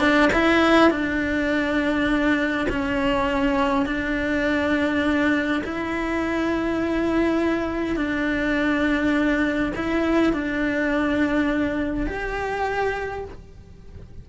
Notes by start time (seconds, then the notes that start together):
0.00 D4
0.33 E4
0.91 D4
2.70 C#4
3.86 D4
5.64 E4
7.96 D4
9.76 E4
10.33 D4
12.07 G4